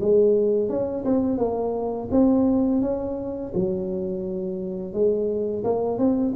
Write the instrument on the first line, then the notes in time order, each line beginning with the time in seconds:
tuba
0.00 G#3
0.69 C#4
1.05 C4
1.38 A#3
2.11 C4
2.81 C#4
3.54 F#3
4.93 G#3
5.64 A#3
5.98 C4